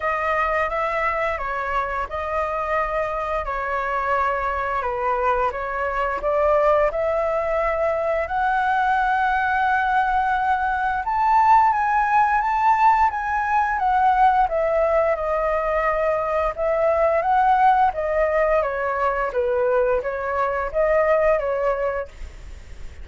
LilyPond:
\new Staff \with { instrumentName = "flute" } { \time 4/4 \tempo 4 = 87 dis''4 e''4 cis''4 dis''4~ | dis''4 cis''2 b'4 | cis''4 d''4 e''2 | fis''1 |
a''4 gis''4 a''4 gis''4 | fis''4 e''4 dis''2 | e''4 fis''4 dis''4 cis''4 | b'4 cis''4 dis''4 cis''4 | }